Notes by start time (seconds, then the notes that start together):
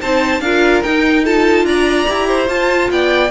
0.00 C4 D#4 C5 A5
0.40 D4 F4 A#4 F5
0.83 D#4 G5
1.24 F4 A4 A5
1.64 D4 D5 A#5
2.07 E4 G4
2.27 C5
2.46 F4 A5
2.90 B3 D5 G5